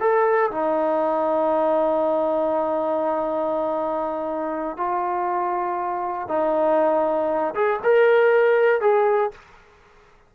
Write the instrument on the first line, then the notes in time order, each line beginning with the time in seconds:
trombone
0.00 A4
0.51 D#4
4.77 F4
6.28 D#4
7.54 G#4
7.83 A#4
8.81 G#4